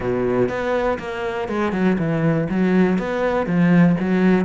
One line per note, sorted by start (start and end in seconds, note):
0.00 0.48 B2
0.48 0.98 B3
0.98 1.48 A#3
1.48 1.72 G#3
1.72 1.97 F#3
1.98 2.48 E3
2.49 2.98 F#3
2.98 3.46 B3
3.46 3.96 F3
4.00 4.45 F#3